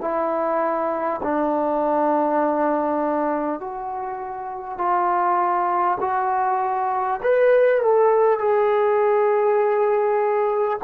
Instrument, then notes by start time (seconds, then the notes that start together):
trombone
0.00 E4
1.23 D4
3.60 F#4
4.78 F4
6.00 F#4
7.22 B4
7.81 A4
8.38 G#4